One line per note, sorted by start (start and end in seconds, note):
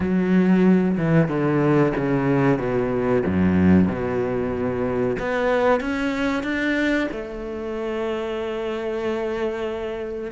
0.00 0.97 F#3
0.97 1.28 E3
1.28 1.92 D3
1.96 2.58 C#3
2.58 3.23 B2
3.26 3.87 F#2
3.87 5.16 B2
5.19 5.80 B3
5.80 6.43 C#4
6.43 7.07 D4
7.11 10.31 A3